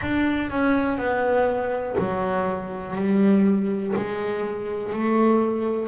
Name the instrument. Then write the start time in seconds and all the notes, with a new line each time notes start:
double bass
0.01 D4
0.50 C#4
0.97 B3
1.98 F#3
2.95 G3
3.96 G#3
4.92 A3